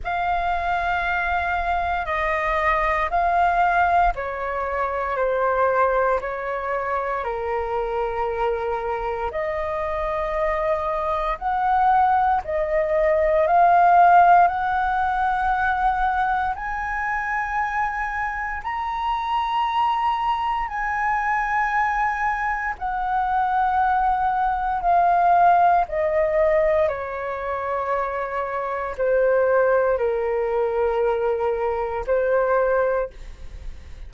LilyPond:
\new Staff \with { instrumentName = "flute" } { \time 4/4 \tempo 4 = 58 f''2 dis''4 f''4 | cis''4 c''4 cis''4 ais'4~ | ais'4 dis''2 fis''4 | dis''4 f''4 fis''2 |
gis''2 ais''2 | gis''2 fis''2 | f''4 dis''4 cis''2 | c''4 ais'2 c''4 | }